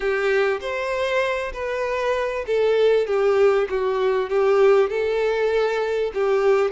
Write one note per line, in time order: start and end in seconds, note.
0.00 0.60 G4
0.60 1.52 C5
1.53 2.45 B4
2.47 3.06 A4
3.06 3.68 G4
3.69 4.29 F#4
4.29 4.89 G4
4.89 6.12 A4
6.14 6.71 G4